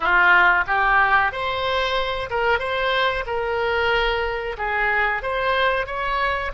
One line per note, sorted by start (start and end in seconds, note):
0.00 0.64 F4
0.66 1.32 G4
1.32 2.29 C5
2.30 2.59 A#4
2.59 3.24 C5
3.26 4.57 A#4
4.57 5.22 G#4
5.22 5.86 C5
5.86 6.51 C#5